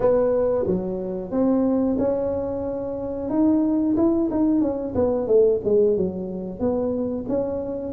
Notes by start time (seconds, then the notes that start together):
0.00 B3
0.66 F#3
1.31 C4
1.98 C#4
3.29 D#4
3.96 E4
4.30 D#4
4.61 C#4
4.95 B3
5.27 A3
5.64 G#3
5.97 F#3
6.59 B3
7.28 C#4